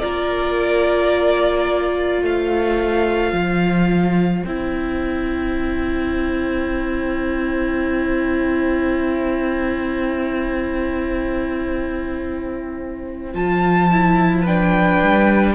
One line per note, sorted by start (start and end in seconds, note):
0.00 2.22 A#3
0.00 4.46 F4
0.00 2.22 A#4
0.00 2.22 D5
2.22 3.33 A3
2.22 14.43 C5
2.22 4.46 F5
3.33 4.44 F3
4.45 13.34 C4
4.45 13.34 E4
4.45 13.35 G5
13.34 15.02 F3
13.34 13.90 F4
13.34 14.47 A5
13.92 14.47 E4
14.43 15.55 D4
14.43 15.54 B4
14.43 15.55 G5
15.03 15.55 G3